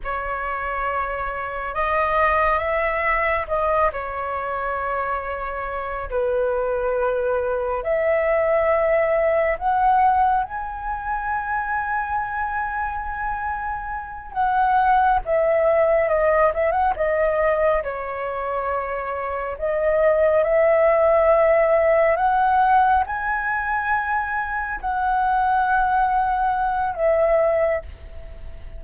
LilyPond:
\new Staff \with { instrumentName = "flute" } { \time 4/4 \tempo 4 = 69 cis''2 dis''4 e''4 | dis''8 cis''2~ cis''8 b'4~ | b'4 e''2 fis''4 | gis''1~ |
gis''8 fis''4 e''4 dis''8 e''16 fis''16 dis''8~ | dis''8 cis''2 dis''4 e''8~ | e''4. fis''4 gis''4.~ | gis''8 fis''2~ fis''8 e''4 | }